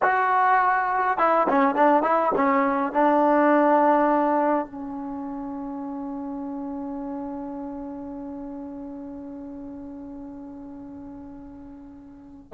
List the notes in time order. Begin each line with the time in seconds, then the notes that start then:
0.02 F#4
1.18 E4
1.48 C#4
1.75 D4
2.03 E4
2.35 C#4
2.92 D4
4.66 C#4